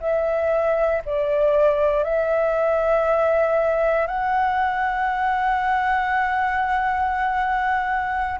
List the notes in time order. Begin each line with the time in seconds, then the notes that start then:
0.00 E5
1.05 D5
2.03 E5
4.07 F#5